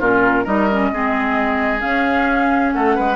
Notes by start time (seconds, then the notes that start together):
0.00 A#2 C#4 F4 A#4
0.44 G3 D#4 A#4 D#5
0.71 C#4
0.93 G#3 C4 G#4
1.80 C#4 F5
2.73 A3 A4 F#5
2.96 G#3 B4